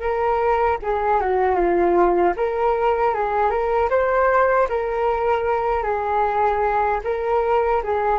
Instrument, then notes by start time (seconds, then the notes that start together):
flute
0.00 A#4
0.82 G#4
1.20 F#4
1.55 F4
2.37 A#4
3.14 G#4
3.50 A#4
3.90 C5
4.69 A#4
5.83 G#4
7.04 A#4
7.83 G#4